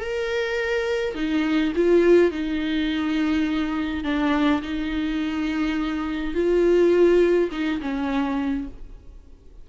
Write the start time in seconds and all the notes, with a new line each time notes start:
0.00 A#4
1.15 D#4
1.76 F4
2.32 D#4
4.04 D4
4.62 D#4
6.35 F4
7.52 D#4
7.82 C#4